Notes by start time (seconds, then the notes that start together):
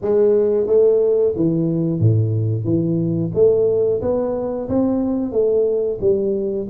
0.01 G#3
0.66 A3
1.35 E3
2.00 A2
2.64 E3
3.34 A3
4.01 B3
4.68 C4
5.32 A3
6.00 G3